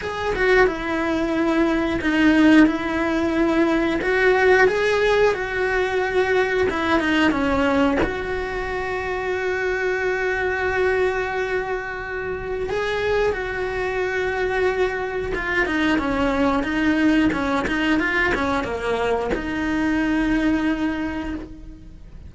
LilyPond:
\new Staff \with { instrumentName = "cello" } { \time 4/4 \tempo 4 = 90 gis'8 fis'8 e'2 dis'4 | e'2 fis'4 gis'4 | fis'2 e'8 dis'8 cis'4 | fis'1~ |
fis'2. gis'4 | fis'2. f'8 dis'8 | cis'4 dis'4 cis'8 dis'8 f'8 cis'8 | ais4 dis'2. | }